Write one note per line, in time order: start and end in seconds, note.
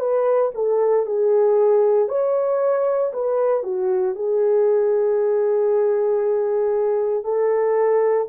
0.00 0.52 B4
0.55 1.06 A4
1.06 2.09 G#4
2.09 3.12 C#5
3.14 3.63 B4
3.63 4.15 F#4
4.15 7.25 G#4
7.25 8.28 A4